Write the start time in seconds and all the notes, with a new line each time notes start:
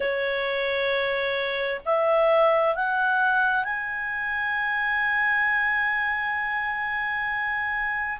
0.00 C#5
1.85 E5
2.75 F#5
3.64 G#5